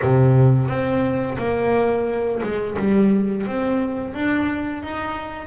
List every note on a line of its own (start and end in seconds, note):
0.02 0.68 C3
0.68 1.37 C4
1.38 2.41 A#3
2.42 2.77 G#3
2.78 3.46 G3
3.46 4.13 C4
4.13 4.82 D4
4.82 5.47 D#4